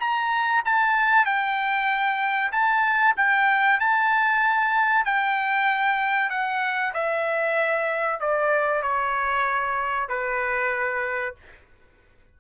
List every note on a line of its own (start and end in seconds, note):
0.00 0.63 A#5
0.65 1.25 A5
1.25 2.52 G5
2.52 3.15 A5
3.17 3.80 G5
3.80 5.05 A5
5.05 6.30 G5
6.30 6.93 F#5
6.94 8.20 E5
8.20 8.82 D5
8.82 10.09 C#5
10.09 11.35 B4